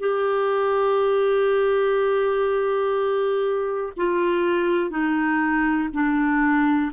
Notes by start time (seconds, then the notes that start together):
0.00 G4
3.97 F4
4.90 D#4
5.93 D4